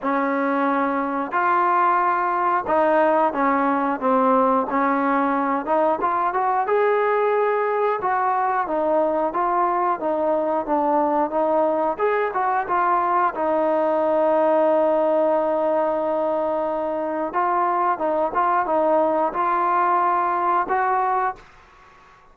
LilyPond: \new Staff \with { instrumentName = "trombone" } { \time 4/4 \tempo 4 = 90 cis'2 f'2 | dis'4 cis'4 c'4 cis'4~ | cis'8 dis'8 f'8 fis'8 gis'2 | fis'4 dis'4 f'4 dis'4 |
d'4 dis'4 gis'8 fis'8 f'4 | dis'1~ | dis'2 f'4 dis'8 f'8 | dis'4 f'2 fis'4 | }